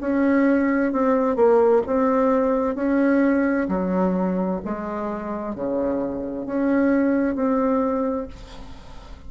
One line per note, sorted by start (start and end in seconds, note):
0.00 0.92 C#4
0.92 1.36 C4
1.36 1.82 A#3
1.86 2.75 C4
2.75 3.67 C#4
3.68 4.61 F#3
4.64 5.55 G#3
5.55 6.45 C#3
6.45 7.35 C#4
7.35 8.27 C4